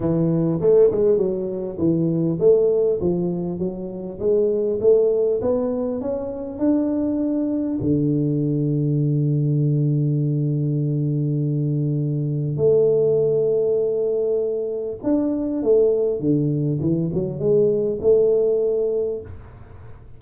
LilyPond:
\new Staff \with { instrumentName = "tuba" } { \time 4/4 \tempo 4 = 100 e4 a8 gis8 fis4 e4 | a4 f4 fis4 gis4 | a4 b4 cis'4 d'4~ | d'4 d2.~ |
d1~ | d4 a2.~ | a4 d'4 a4 d4 | e8 fis8 gis4 a2 | }